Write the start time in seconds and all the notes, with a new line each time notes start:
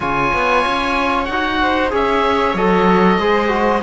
0.00 C#3 F4 C#5 G#5
0.32 B3
0.66 C#4
1.24 D#4 F#5
1.32 F#4
1.61 C5
1.90 C#4 G#4 C#5 E5
2.54 F#3 A4 D#5
3.18 G#3 G#4 C5
3.48 F#4